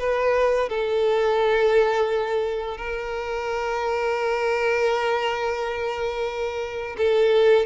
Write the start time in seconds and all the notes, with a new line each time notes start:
0.00 B4
0.69 A4
2.78 A#4
6.98 A4